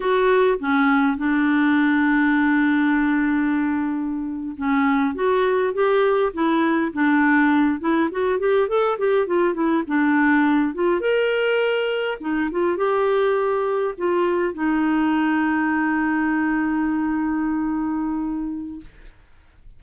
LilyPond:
\new Staff \with { instrumentName = "clarinet" } { \time 4/4 \tempo 4 = 102 fis'4 cis'4 d'2~ | d'2.~ d'8. cis'16~ | cis'8. fis'4 g'4 e'4 d'16~ | d'4~ d'16 e'8 fis'8 g'8 a'8 g'8 f'16~ |
f'16 e'8 d'4. f'8 ais'4~ ais'16~ | ais'8. dis'8 f'8 g'2 f'16~ | f'8. dis'2.~ dis'16~ | dis'1 | }